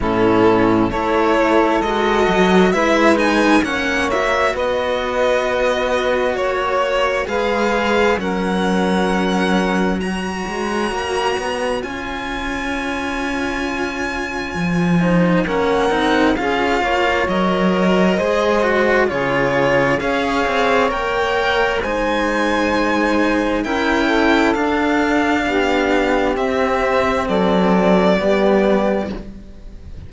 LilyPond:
<<
  \new Staff \with { instrumentName = "violin" } { \time 4/4 \tempo 4 = 66 a'4 cis''4 dis''4 e''8 gis''8 | fis''8 e''8 dis''2 cis''4 | f''4 fis''2 ais''4~ | ais''4 gis''2.~ |
gis''4 fis''4 f''4 dis''4~ | dis''4 cis''4 f''4 g''4 | gis''2 g''4 f''4~ | f''4 e''4 d''2 | }
  \new Staff \with { instrumentName = "saxophone" } { \time 4/4 e'4 a'2 b'4 | cis''4 b'2 cis''4 | b'4 ais'2 cis''4~ | cis''1~ |
cis''8 c''8 ais'4 gis'8 cis''4. | c''4 gis'4 cis''2 | c''2 ais'8 a'4. | g'2 a'4 g'4 | }
  \new Staff \with { instrumentName = "cello" } { \time 4/4 cis'4 e'4 fis'4 e'8 dis'8 | cis'8 fis'2.~ fis'8 | gis'4 cis'2 fis'4~ | fis'4 f'2.~ |
f'8 dis'8 cis'8 dis'8 f'4 ais'4 | gis'8 fis'8 f'4 gis'4 ais'4 | dis'2 e'4 d'4~ | d'4 c'2 b4 | }
  \new Staff \with { instrumentName = "cello" } { \time 4/4 a,4 a4 gis8 fis8 gis4 | ais4 b2 ais4 | gis4 fis2~ fis8 gis8 | ais8 b8 cis'2. |
f4 ais8 c'8 cis'8 ais8 fis4 | gis4 cis4 cis'8 c'8 ais4 | gis2 cis'4 d'4 | b4 c'4 fis4 g4 | }
>>